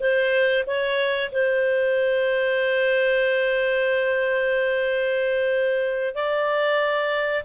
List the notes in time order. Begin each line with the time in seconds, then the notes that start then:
0.00 C5
0.67 C#5
1.32 C5
6.15 D5